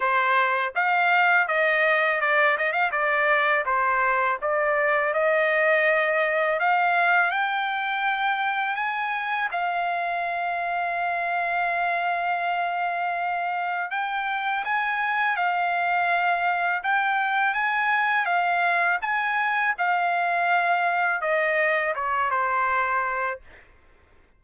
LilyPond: \new Staff \with { instrumentName = "trumpet" } { \time 4/4 \tempo 4 = 82 c''4 f''4 dis''4 d''8 dis''16 f''16 | d''4 c''4 d''4 dis''4~ | dis''4 f''4 g''2 | gis''4 f''2.~ |
f''2. g''4 | gis''4 f''2 g''4 | gis''4 f''4 gis''4 f''4~ | f''4 dis''4 cis''8 c''4. | }